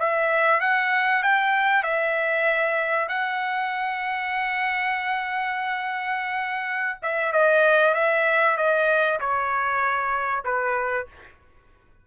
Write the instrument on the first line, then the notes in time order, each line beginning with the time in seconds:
trumpet
0.00 E5
0.61 F#5
1.23 G5
1.84 E5
3.09 F#5
7.03 E5
7.33 D#5
7.95 E5
8.57 D#5
9.20 C#5
10.45 B4